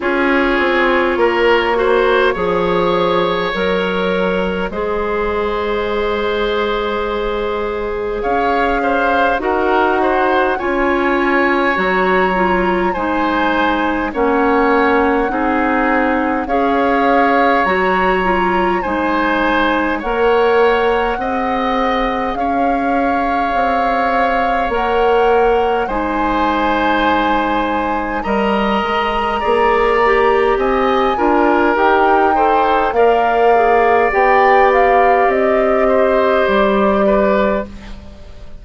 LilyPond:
<<
  \new Staff \with { instrumentName = "flute" } { \time 4/4 \tempo 4 = 51 cis''2. dis''4~ | dis''2. f''4 | fis''4 gis''4 ais''4 gis''4 | fis''2 f''4 ais''4 |
gis''4 fis''2 f''4~ | f''4 fis''4 gis''2 | ais''2 gis''4 g''4 | f''4 g''8 f''8 dis''4 d''4 | }
  \new Staff \with { instrumentName = "oboe" } { \time 4/4 gis'4 ais'8 c''8 cis''2 | c''2. cis''8 c''8 | ais'8 c''8 cis''2 c''4 | cis''4 gis'4 cis''2 |
c''4 cis''4 dis''4 cis''4~ | cis''2 c''2 | dis''4 d''4 dis''8 ais'4 c''8 | d''2~ d''8 c''4 b'8 | }
  \new Staff \with { instrumentName = "clarinet" } { \time 4/4 f'4. fis'8 gis'4 ais'4 | gis'1 | fis'4 f'4 fis'8 f'8 dis'4 | cis'4 dis'4 gis'4 fis'8 f'8 |
dis'4 ais'4 gis'2~ | gis'4 ais'4 dis'2 | ais'4 gis'8 g'4 f'8 g'8 a'8 | ais'8 gis'8 g'2. | }
  \new Staff \with { instrumentName = "bassoon" } { \time 4/4 cis'8 c'8 ais4 f4 fis4 | gis2. cis'4 | dis'4 cis'4 fis4 gis4 | ais4 c'4 cis'4 fis4 |
gis4 ais4 c'4 cis'4 | c'4 ais4 gis2 | g8 gis8 ais4 c'8 d'8 dis'4 | ais4 b4 c'4 g4 | }
>>